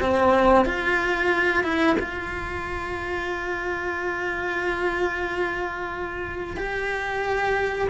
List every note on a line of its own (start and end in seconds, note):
0.00 0.65 C4
0.65 1.63 F4
1.63 1.96 E4
1.99 6.56 F4
6.56 7.88 G4